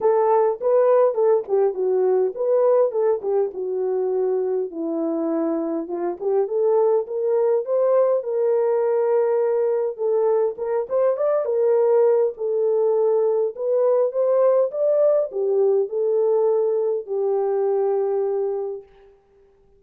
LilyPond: \new Staff \with { instrumentName = "horn" } { \time 4/4 \tempo 4 = 102 a'4 b'4 a'8 g'8 fis'4 | b'4 a'8 g'8 fis'2 | e'2 f'8 g'8 a'4 | ais'4 c''4 ais'2~ |
ais'4 a'4 ais'8 c''8 d''8 ais'8~ | ais'4 a'2 b'4 | c''4 d''4 g'4 a'4~ | a'4 g'2. | }